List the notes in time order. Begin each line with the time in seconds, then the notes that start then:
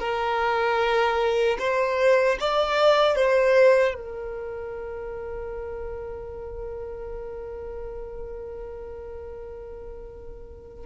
0.00 A#4
1.59 C5
2.40 D5
3.16 C5
3.95 A#4